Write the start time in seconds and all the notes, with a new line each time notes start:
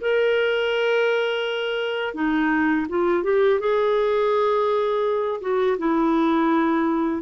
0.00 A#4
2.14 D#4
2.88 F4
3.23 G4
3.59 G#4
5.41 F#4
5.78 E4